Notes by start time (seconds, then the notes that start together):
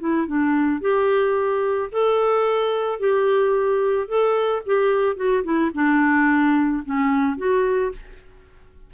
0.00 E4
0.27 D4
0.81 G4
1.92 A4
2.99 G4
4.08 A4
4.66 G4
5.16 F#4
5.44 E4
5.74 D4
6.85 C#4
7.37 F#4